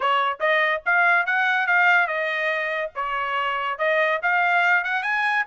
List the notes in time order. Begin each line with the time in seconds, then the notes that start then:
0.00 C#5
0.40 D#5
0.85 F5
1.26 F#5
1.66 F5
2.07 D#5
2.95 C#5
3.78 D#5
4.22 F5
4.84 F#5
5.02 G#5